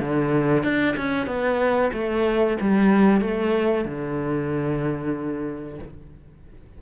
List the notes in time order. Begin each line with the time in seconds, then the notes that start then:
0.00 D3
0.63 D4
0.97 C#4
1.27 B3
1.93 A3
2.61 G3
3.21 A3
3.85 D3